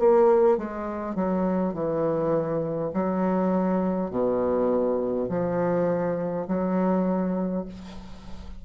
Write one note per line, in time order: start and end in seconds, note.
0.00 0.58 A#3
0.58 1.16 G#3
1.16 1.74 F#3
1.74 2.92 E3
2.94 4.11 F#3
4.11 5.28 B2
5.29 6.47 F3
6.48 7.66 F#3